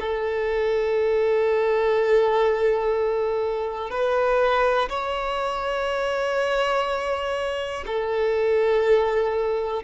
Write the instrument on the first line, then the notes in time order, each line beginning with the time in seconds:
violin
0.00 A4
3.90 B4
4.89 C#5
7.86 A4